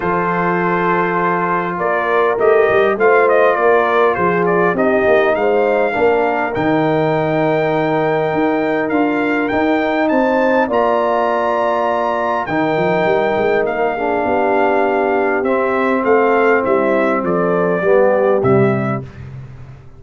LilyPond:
<<
  \new Staff \with { instrumentName = "trumpet" } { \time 4/4 \tempo 4 = 101 c''2. d''4 | dis''4 f''8 dis''8 d''4 c''8 d''8 | dis''4 f''2 g''4~ | g''2. f''4 |
g''4 a''4 ais''2~ | ais''4 g''2 f''4~ | f''2 e''4 f''4 | e''4 d''2 e''4 | }
  \new Staff \with { instrumentName = "horn" } { \time 4/4 a'2. ais'4~ | ais'4 c''4 ais'4 gis'4 | g'4 c''4 ais'2~ | ais'1~ |
ais'4 c''4 d''2~ | d''4 ais'2~ ais'8 gis'8 | g'2. a'4 | e'4 a'4 g'2 | }
  \new Staff \with { instrumentName = "trombone" } { \time 4/4 f'1 | g'4 f'2. | dis'2 d'4 dis'4~ | dis'2. f'4 |
dis'2 f'2~ | f'4 dis'2~ dis'8 d'8~ | d'2 c'2~ | c'2 b4 g4 | }
  \new Staff \with { instrumentName = "tuba" } { \time 4/4 f2. ais4 | a8 g8 a4 ais4 f4 | c'8 ais8 gis4 ais4 dis4~ | dis2 dis'4 d'4 |
dis'4 c'4 ais2~ | ais4 dis8 f8 g8 gis8 ais4 | b2 c'4 a4 | g4 f4 g4 c4 | }
>>